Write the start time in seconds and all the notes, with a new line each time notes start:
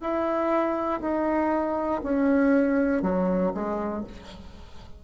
0.00 E4
1.01 D#4
2.03 C#4
3.02 F#3
3.54 G#3